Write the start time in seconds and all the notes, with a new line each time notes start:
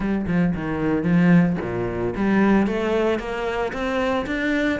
0.00 G3
0.27 F3
0.54 D#3
1.03 F3
1.61 A#2
2.16 G3
2.66 A3
3.19 A#3
3.72 C4
4.26 D4